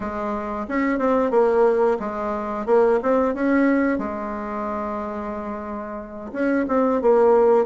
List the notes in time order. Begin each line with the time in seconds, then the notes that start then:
0.00 G#3
0.68 C#4
0.98 C4
1.30 A#3
1.99 G#3
2.66 A#3
3.02 C4
3.34 C#4
3.98 G#3
6.32 C#4
6.68 C4
7.01 A#3